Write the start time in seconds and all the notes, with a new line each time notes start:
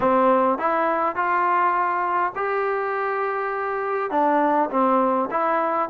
0.00 C4
0.58 E4
1.15 F4
2.35 G4
4.10 D4
4.70 C4
5.30 E4